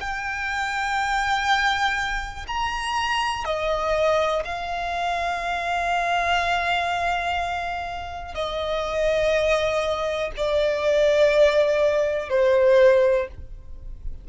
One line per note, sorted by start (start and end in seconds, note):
0.00 2.46 G5
2.47 3.44 A#5
3.44 4.43 D#5
4.44 8.34 F5
8.34 10.31 D#5
10.36 12.29 D5
12.29 13.27 C5